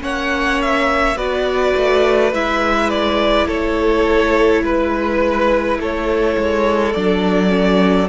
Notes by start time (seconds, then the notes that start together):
0.00 A#3 C#4 C#5 F#5
0.61 E5
1.16 B3 F#4 B4 D5
1.76 A3
2.32 G#3 E4 E5
2.89 D5
3.47 A3 A4 C#5
4.62 G#3 B4
5.78 A3 A4 C#5
6.37 G#3
6.92 F#3 D4 D5
7.49 C#4